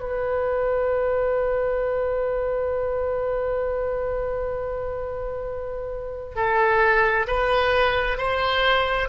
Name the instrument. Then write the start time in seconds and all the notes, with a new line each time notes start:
oboe
0.00 B4
6.36 A4
7.27 B4
8.18 C5